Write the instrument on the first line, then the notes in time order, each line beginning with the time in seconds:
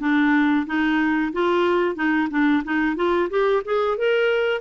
clarinet
0.00 D4
0.67 D#4
1.33 F4
1.95 D#4
2.30 D4
2.64 D#4
2.96 F4
3.30 G4
3.65 G#4
3.97 A#4